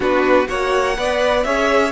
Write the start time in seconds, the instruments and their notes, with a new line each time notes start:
0.00 cello B3, viola D4, violin F#4 B4
0.46 cello A#3, viola F#4, violin C#5 F#5
0.97 cello B3, viola B4, violin D5
1.43 cello C#4, viola G#4, violin C#5 E5